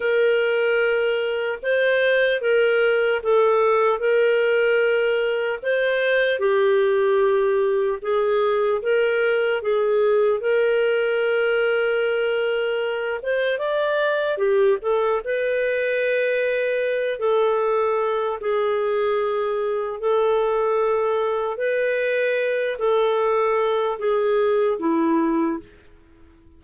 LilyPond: \new Staff \with { instrumentName = "clarinet" } { \time 4/4 \tempo 4 = 75 ais'2 c''4 ais'4 | a'4 ais'2 c''4 | g'2 gis'4 ais'4 | gis'4 ais'2.~ |
ais'8 c''8 d''4 g'8 a'8 b'4~ | b'4. a'4. gis'4~ | gis'4 a'2 b'4~ | b'8 a'4. gis'4 e'4 | }